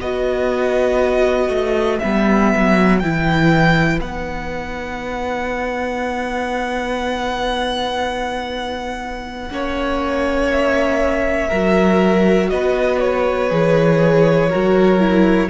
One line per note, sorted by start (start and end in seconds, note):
0.00 1.48 B3
0.00 2.01 F#4
0.00 9.52 B4
0.00 1.99 D#5
1.48 1.98 A3
1.99 2.54 G3
1.99 3.01 B3
1.99 2.99 E5
2.55 3.02 F#3
2.99 3.99 E3
2.99 4.01 E4
2.99 3.99 G5
3.99 9.49 B3
3.99 9.50 D#4
3.99 10.51 F#5
9.50 11.50 A#3
9.50 11.50 C#4
9.50 11.47 C#5
10.51 12.49 E5
11.47 12.51 F#3
11.47 13.49 F#4
11.47 12.47 A#4
12.49 13.50 B3
12.49 14.49 B4
12.49 12.99 D#5
12.99 15.49 C#5
13.49 14.50 E3
13.49 14.49 G#4
14.49 15.50 F#3
14.49 14.99 F#4
14.49 15.49 A#4
14.99 15.49 E4